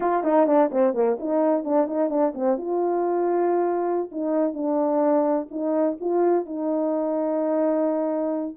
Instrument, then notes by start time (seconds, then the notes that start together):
horn
0.00 F4
0.23 D#4
0.47 D4
0.71 C4
0.94 A#3
1.19 D#4
1.64 D4
1.87 D#4
2.09 D4
2.34 C4
2.57 F4
4.11 D#4
4.53 D4
5.50 D#4
6.00 F4
6.45 D#4